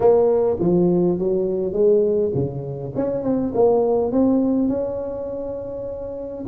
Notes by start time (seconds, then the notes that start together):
0.00 A#3
0.59 F3
1.18 F#3
1.72 G#3
2.34 C#3
2.95 C#4
3.23 C4
3.54 A#3
4.11 C4
4.68 C#4